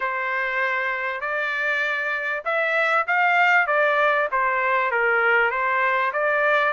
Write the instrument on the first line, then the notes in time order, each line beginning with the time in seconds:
trumpet
0.00 C5
1.21 D5
2.44 E5
3.07 F5
3.67 D5
4.31 C5
4.91 A#4
5.50 C5
6.12 D5